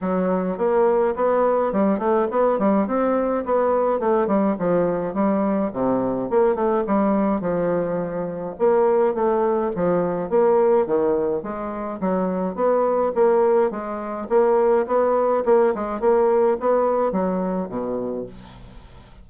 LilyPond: \new Staff \with { instrumentName = "bassoon" } { \time 4/4 \tempo 4 = 105 fis4 ais4 b4 g8 a8 | b8 g8 c'4 b4 a8 g8 | f4 g4 c4 ais8 a8 | g4 f2 ais4 |
a4 f4 ais4 dis4 | gis4 fis4 b4 ais4 | gis4 ais4 b4 ais8 gis8 | ais4 b4 fis4 b,4 | }